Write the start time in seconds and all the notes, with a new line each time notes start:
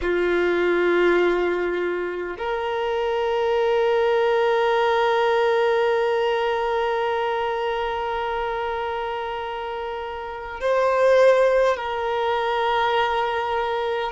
0.01 F4
2.37 A#4
10.60 C5
11.76 A#4